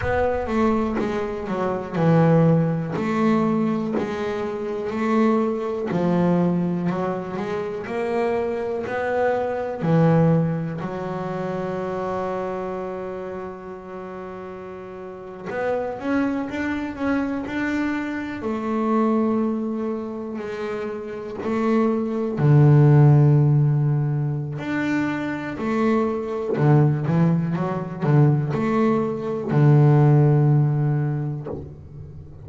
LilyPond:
\new Staff \with { instrumentName = "double bass" } { \time 4/4 \tempo 4 = 61 b8 a8 gis8 fis8 e4 a4 | gis4 a4 f4 fis8 gis8 | ais4 b4 e4 fis4~ | fis2.~ fis8. b16~ |
b16 cis'8 d'8 cis'8 d'4 a4~ a16~ | a8. gis4 a4 d4~ d16~ | d4 d'4 a4 d8 e8 | fis8 d8 a4 d2 | }